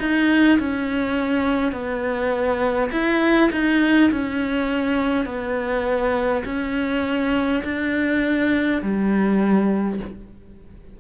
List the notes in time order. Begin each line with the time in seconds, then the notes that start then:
0.00 D#4
0.59 C#4
1.73 B3
2.91 E4
3.52 D#4
4.12 C#4
5.26 B3
6.45 C#4
7.65 D4
8.82 G3